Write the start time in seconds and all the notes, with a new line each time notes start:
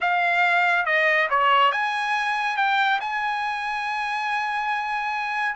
0.00 F5
0.85 D#5
1.30 C#5
1.72 G#5
2.56 G5
3.00 G#5